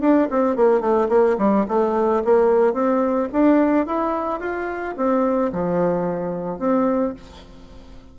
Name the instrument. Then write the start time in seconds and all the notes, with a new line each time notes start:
bassoon
0.00 D4
0.30 C4
0.56 A#3
0.80 A3
1.09 A#3
1.38 G3
1.68 A3
2.24 A#3
2.73 C4
3.32 D4
3.86 E4
4.40 F4
4.96 C4
5.52 F3
6.59 C4